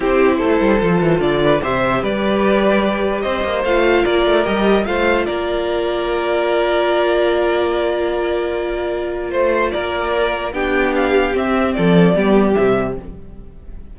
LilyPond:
<<
  \new Staff \with { instrumentName = "violin" } { \time 4/4 \tempo 4 = 148 c''2. d''4 | e''4 d''2. | dis''4 f''4 d''4 dis''4 | f''4 d''2.~ |
d''1~ | d''2. c''4 | d''2 g''4 f''4 | e''4 d''2 e''4 | }
  \new Staff \with { instrumentName = "violin" } { \time 4/4 g'4 a'2~ a'8 b'8 | c''4 b'2. | c''2 ais'2 | c''4 ais'2.~ |
ais'1~ | ais'2. c''4 | ais'2 g'2~ | g'4 a'4 g'2 | }
  \new Staff \with { instrumentName = "viola" } { \time 4/4 e'2 f'2 | g'1~ | g'4 f'2 g'4 | f'1~ |
f'1~ | f'1~ | f'2 d'2 | c'2 b4 g4 | }
  \new Staff \with { instrumentName = "cello" } { \time 4/4 c'4 a8 g8 f8 e8 d4 | c4 g2. | c'8 ais8 a4 ais8 a8 g4 | a4 ais2.~ |
ais1~ | ais2. a4 | ais2 b2 | c'4 f4 g4 c4 | }
>>